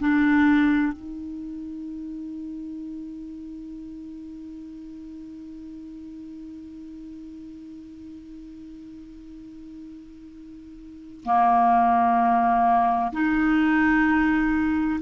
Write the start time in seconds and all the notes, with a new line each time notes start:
0.00 D4
0.93 D#4
11.25 A#3
13.13 D#4